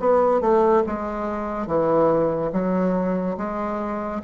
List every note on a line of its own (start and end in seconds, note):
0.00 0.41 B3
0.41 0.83 A3
0.87 1.67 G#3
1.67 2.52 E3
2.53 3.37 F#3
3.38 4.22 G#3